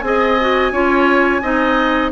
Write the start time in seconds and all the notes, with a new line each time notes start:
0.00 C4 G#4 G#5
0.06 D#5
0.40 F#4
0.72 C#4 F4 C#5
1.42 C4 D#4 D#5